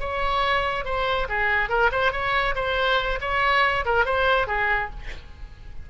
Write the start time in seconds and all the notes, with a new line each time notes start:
0.00 C#5
0.85 C5
1.29 G#4
1.69 A#4
1.92 C5
2.12 C#5
2.55 C5
3.21 C#5
3.85 A#4
4.05 C5
4.47 G#4